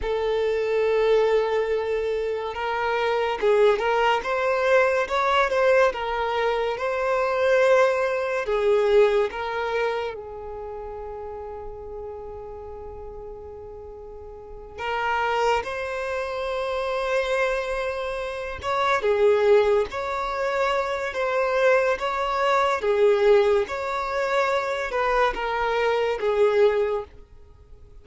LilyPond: \new Staff \with { instrumentName = "violin" } { \time 4/4 \tempo 4 = 71 a'2. ais'4 | gis'8 ais'8 c''4 cis''8 c''8 ais'4 | c''2 gis'4 ais'4 | gis'1~ |
gis'4. ais'4 c''4.~ | c''2 cis''8 gis'4 cis''8~ | cis''4 c''4 cis''4 gis'4 | cis''4. b'8 ais'4 gis'4 | }